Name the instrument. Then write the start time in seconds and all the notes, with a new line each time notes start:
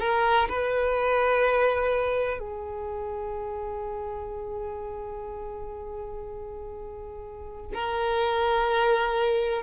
violin
0.00 A#4
0.49 B4
2.40 G#4
7.74 A#4